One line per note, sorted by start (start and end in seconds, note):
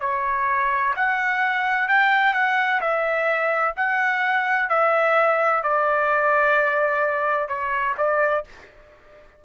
0.00 0.94 C#5
0.96 1.88 F#5
1.88 2.34 G5
2.34 2.80 F#5
2.81 3.75 E5
3.76 4.69 F#5
4.69 5.63 E5
5.63 7.48 D5
7.48 7.95 C#5
7.97 8.44 D5